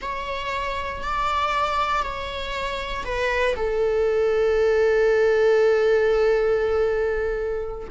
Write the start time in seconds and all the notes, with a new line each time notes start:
0.01 C#5
1.03 D5
2.02 C#5
3.04 B4
3.56 A4